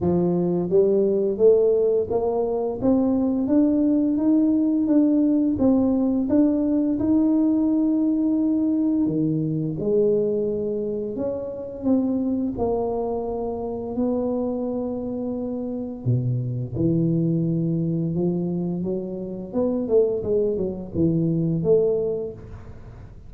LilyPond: \new Staff \with { instrumentName = "tuba" } { \time 4/4 \tempo 4 = 86 f4 g4 a4 ais4 | c'4 d'4 dis'4 d'4 | c'4 d'4 dis'2~ | dis'4 dis4 gis2 |
cis'4 c'4 ais2 | b2. b,4 | e2 f4 fis4 | b8 a8 gis8 fis8 e4 a4 | }